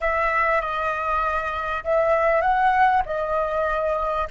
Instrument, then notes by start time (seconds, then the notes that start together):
flute
0.00 E5
0.61 D#5
1.84 E5
2.41 F#5
3.05 D#5